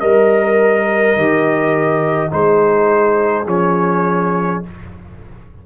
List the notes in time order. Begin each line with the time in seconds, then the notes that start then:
0.00 G3 A#4 D#5
1.16 D#3 G4
2.29 G#3 D#4 C5
2.35 G#4
3.46 F3 C#4 C#5